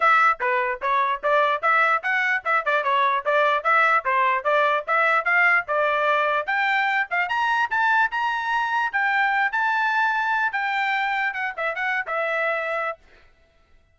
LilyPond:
\new Staff \with { instrumentName = "trumpet" } { \time 4/4 \tempo 4 = 148 e''4 b'4 cis''4 d''4 | e''4 fis''4 e''8 d''8 cis''4 | d''4 e''4 c''4 d''4 | e''4 f''4 d''2 |
g''4. f''8 ais''4 a''4 | ais''2 g''4. a''8~ | a''2 g''2 | fis''8 e''8 fis''8. e''2~ e''16 | }